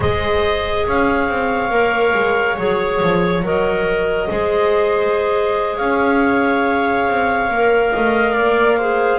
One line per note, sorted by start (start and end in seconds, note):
0.00 0.86 G#3
0.00 1.70 G#4
0.00 0.86 C5
0.00 0.87 D#5
0.87 1.28 C#4
0.87 4.29 C#5
0.87 2.57 F5
1.28 1.70 C4
1.70 2.13 A#3
1.70 2.56 A#4
2.14 2.57 G#3
2.57 3.00 F#3
2.57 3.43 G#4
2.57 3.43 C#5
3.02 3.42 F3
3.42 4.28 F#3
3.42 4.28 A#4
3.42 5.77 D#5
4.28 5.79 G#3
4.28 7.49 G#4
4.28 5.77 C5
5.77 7.08 C#4
5.77 7.91 C#5
5.77 9.19 F5
7.08 7.49 C4
7.49 7.92 A#3
7.49 8.80 A#4
7.92 8.37 A3
7.92 8.33 D#5
8.33 9.19 A#3
8.33 8.76 D5
8.77 9.19 G#4
8.77 9.19 C5